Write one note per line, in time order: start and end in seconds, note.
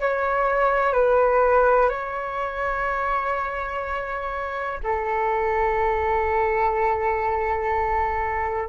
0.00 0.92 C#5
0.92 1.89 B4
1.89 4.79 C#5
4.83 8.68 A4